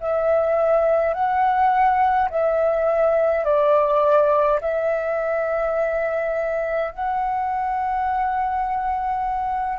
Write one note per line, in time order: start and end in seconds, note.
0.00 1.13 E5
1.13 2.29 F#5
2.30 3.44 E5
3.44 4.59 D5
4.60 6.91 E5
6.91 9.78 F#5